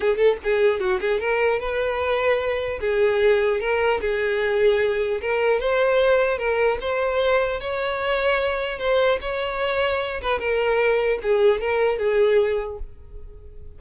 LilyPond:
\new Staff \with { instrumentName = "violin" } { \time 4/4 \tempo 4 = 150 gis'8 a'8 gis'4 fis'8 gis'8 ais'4 | b'2. gis'4~ | gis'4 ais'4 gis'2~ | gis'4 ais'4 c''2 |
ais'4 c''2 cis''4~ | cis''2 c''4 cis''4~ | cis''4. b'8 ais'2 | gis'4 ais'4 gis'2 | }